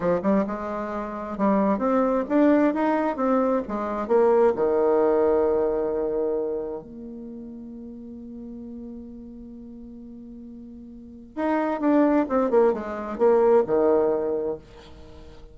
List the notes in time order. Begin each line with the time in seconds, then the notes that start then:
0.00 F3
0.22 G3
0.46 G#3
1.37 G3
1.78 C4
2.28 D4
2.74 D#4
3.16 C4
3.68 G#3
4.07 A#3
4.55 D#3
6.82 A#3
11.35 D#4
11.80 D4
12.29 C4
12.50 A#3
12.73 G#3
13.17 A#3
13.66 D#3